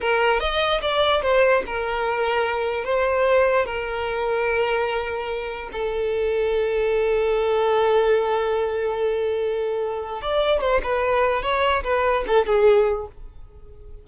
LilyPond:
\new Staff \with { instrumentName = "violin" } { \time 4/4 \tempo 4 = 147 ais'4 dis''4 d''4 c''4 | ais'2. c''4~ | c''4 ais'2.~ | ais'2 a'2~ |
a'1~ | a'1~ | a'4 d''4 c''8 b'4. | cis''4 b'4 a'8 gis'4. | }